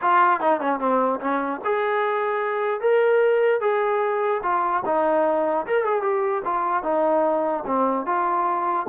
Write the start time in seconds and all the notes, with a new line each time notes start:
0.01 F4
0.40 D#4
0.60 C#4
0.79 C4
1.20 C#4
1.64 G#4
2.80 A#4
3.60 G#4
4.42 F4
4.85 D#4
5.66 A#4
5.84 G#4
6.02 G4
6.44 F4
6.83 D#4
7.66 C4
8.06 F4